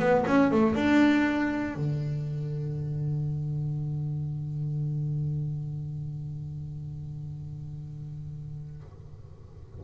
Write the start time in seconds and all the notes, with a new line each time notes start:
0.00 B3
0.27 C#4
0.52 A3
0.75 D4
1.76 D3